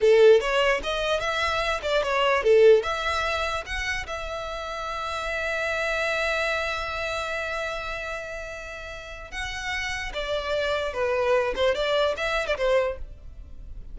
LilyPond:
\new Staff \with { instrumentName = "violin" } { \time 4/4 \tempo 4 = 148 a'4 cis''4 dis''4 e''4~ | e''8 d''8 cis''4 a'4 e''4~ | e''4 fis''4 e''2~ | e''1~ |
e''1~ | e''2. fis''4~ | fis''4 d''2 b'4~ | b'8 c''8 d''4 e''8. d''16 c''4 | }